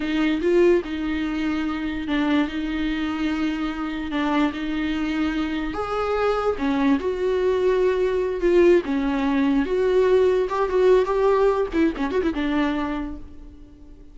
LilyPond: \new Staff \with { instrumentName = "viola" } { \time 4/4 \tempo 4 = 146 dis'4 f'4 dis'2~ | dis'4 d'4 dis'2~ | dis'2 d'4 dis'4~ | dis'2 gis'2 |
cis'4 fis'2.~ | fis'8 f'4 cis'2 fis'8~ | fis'4. g'8 fis'4 g'4~ | g'8 e'8 cis'8 fis'16 e'16 d'2 | }